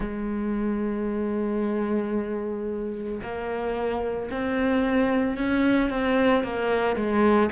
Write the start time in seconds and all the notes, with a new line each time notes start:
0.00 G#3
3.22 A#3
4.31 C4
5.37 C#4
5.90 C4
6.43 A#3
6.96 G#3